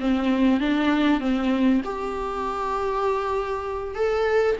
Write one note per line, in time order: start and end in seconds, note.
0.00 0.60 C4
0.60 1.20 D4
1.20 1.81 C4
1.85 3.95 G4
3.95 4.56 A4